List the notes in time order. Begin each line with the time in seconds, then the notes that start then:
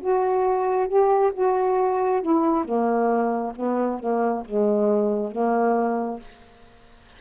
0.00 F#4
0.87 G4
1.34 F#4
2.22 E4
2.64 A#3
3.55 B3
3.99 A#3
4.45 G#3
5.31 A#3